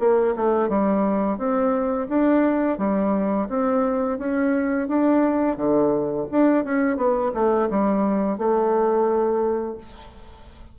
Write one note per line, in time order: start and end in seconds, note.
0.00 0.35 A#3
0.36 0.69 A3
0.69 1.38 G3
1.38 2.08 C4
2.09 2.78 D4
2.78 3.48 G3
3.49 4.19 C4
4.19 4.88 C#4
4.89 5.57 D4
5.57 6.27 D3
6.31 6.65 D4
6.65 6.97 C#4
6.97 7.32 B3
7.34 7.69 A3
7.70 8.38 G3
8.38 9.78 A3